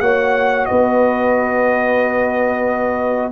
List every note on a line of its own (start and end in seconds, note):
0.00 0.67 A#3
0.00 3.32 F#4
0.00 0.68 C#5
0.00 0.65 F#5
0.65 3.32 B3
0.65 3.32 B4
0.65 3.32 D#5